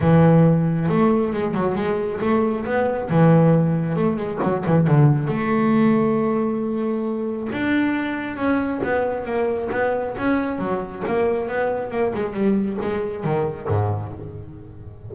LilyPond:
\new Staff \with { instrumentName = "double bass" } { \time 4/4 \tempo 4 = 136 e2 a4 gis8 fis8 | gis4 a4 b4 e4~ | e4 a8 gis8 fis8 e8 d4 | a1~ |
a4 d'2 cis'4 | b4 ais4 b4 cis'4 | fis4 ais4 b4 ais8 gis8 | g4 gis4 dis4 gis,4 | }